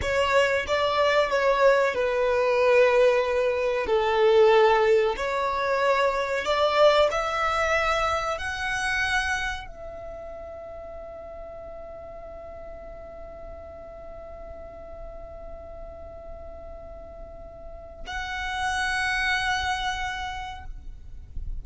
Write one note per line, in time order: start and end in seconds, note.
0.01 0.66 C#5
0.67 1.30 D5
1.30 1.94 C#5
1.94 3.86 B4
3.86 5.15 A4
5.16 6.44 C#5
6.44 7.09 D5
7.11 8.38 E5
8.38 9.67 F#5
9.67 18.05 E5
18.06 20.65 F#5